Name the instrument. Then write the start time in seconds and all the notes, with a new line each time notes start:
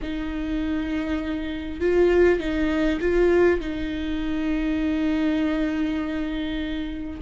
viola
0.02 D#4
1.80 F4
2.39 D#4
3.00 F4
3.60 D#4